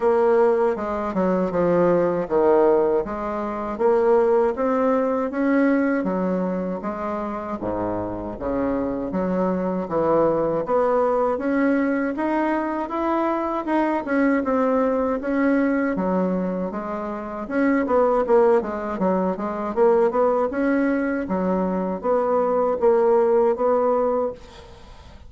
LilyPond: \new Staff \with { instrumentName = "bassoon" } { \time 4/4 \tempo 4 = 79 ais4 gis8 fis8 f4 dis4 | gis4 ais4 c'4 cis'4 | fis4 gis4 gis,4 cis4 | fis4 e4 b4 cis'4 |
dis'4 e'4 dis'8 cis'8 c'4 | cis'4 fis4 gis4 cis'8 b8 | ais8 gis8 fis8 gis8 ais8 b8 cis'4 | fis4 b4 ais4 b4 | }